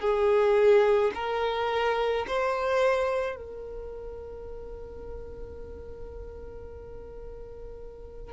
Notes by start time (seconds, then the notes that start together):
0.00 G#4
1.14 A#4
2.27 C5
3.35 A#4